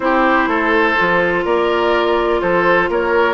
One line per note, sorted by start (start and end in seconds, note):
0.00 0.47 C4
0.00 0.96 E4
0.00 0.49 G4
0.00 1.43 C5
0.47 0.95 A3
0.47 1.44 A4
0.97 1.44 F3
0.97 3.33 F4
1.44 2.40 A#3
1.44 2.40 A#4
1.44 2.41 D5
2.41 2.89 F3
2.41 2.89 A4
2.41 2.89 C5
2.89 3.33 A#3
2.89 3.33 A#4
2.89 3.33 C#5